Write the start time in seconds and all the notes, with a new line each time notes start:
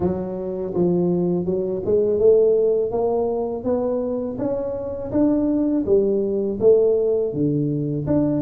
0.00 F#3
0.74 F3
1.45 F#3
1.85 G#3
2.19 A3
2.91 A#3
3.64 B3
4.38 C#4
5.11 D4
5.85 G3
6.60 A3
7.33 D3
8.06 D4